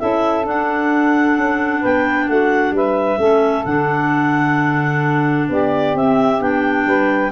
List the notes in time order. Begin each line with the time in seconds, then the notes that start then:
0.00 C#4 E4 A4 E5
0.44 D4 F#5
1.38 C#4
1.80 B3 B4 G5
2.29 A3 F#4 F#5
2.72 G3 B4 E5
3.19 A3 C#4 A4
3.65 D3 D4 F#5
5.49 B3 G4 D5
5.95 C4 E5
6.40 B3 D4 G5
6.87 G3 B4